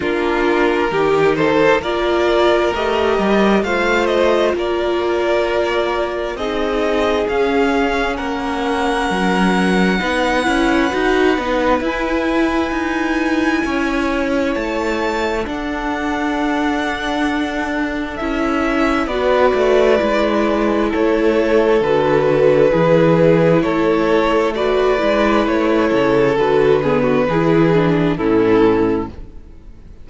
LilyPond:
<<
  \new Staff \with { instrumentName = "violin" } { \time 4/4 \tempo 4 = 66 ais'4. c''8 d''4 dis''4 | f''8 dis''8 d''2 dis''4 | f''4 fis''2.~ | fis''4 gis''2. |
a''4 fis''2. | e''4 d''2 cis''4 | b'2 cis''4 d''4 | cis''4 b'2 a'4 | }
  \new Staff \with { instrumentName = "violin" } { \time 4/4 f'4 g'8 a'8 ais'2 | c''4 ais'2 gis'4~ | gis'4 ais'2 b'4~ | b'2. cis''4~ |
cis''4 a'2.~ | a'4 b'2 a'4~ | a'4 gis'4 a'4 b'4~ | b'8 a'4 gis'16 fis'16 gis'4 e'4 | }
  \new Staff \with { instrumentName = "viola" } { \time 4/4 d'4 dis'4 f'4 g'4 | f'2. dis'4 | cis'2. dis'8 e'8 | fis'8 dis'8 e'2.~ |
e'4 d'2. | e'4 fis'4 e'2 | fis'4 e'2 fis'8 e'8~ | e'4 fis'8 b8 e'8 d'8 cis'4 | }
  \new Staff \with { instrumentName = "cello" } { \time 4/4 ais4 dis4 ais4 a8 g8 | a4 ais2 c'4 | cis'4 ais4 fis4 b8 cis'8 | dis'8 b8 e'4 dis'4 cis'4 |
a4 d'2. | cis'4 b8 a8 gis4 a4 | d4 e4 a4. gis8 | a8 cis8 d4 e4 a,4 | }
>>